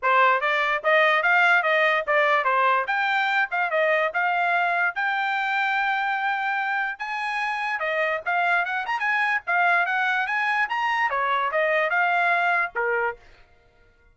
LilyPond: \new Staff \with { instrumentName = "trumpet" } { \time 4/4 \tempo 4 = 146 c''4 d''4 dis''4 f''4 | dis''4 d''4 c''4 g''4~ | g''8 f''8 dis''4 f''2 | g''1~ |
g''4 gis''2 dis''4 | f''4 fis''8 ais''8 gis''4 f''4 | fis''4 gis''4 ais''4 cis''4 | dis''4 f''2 ais'4 | }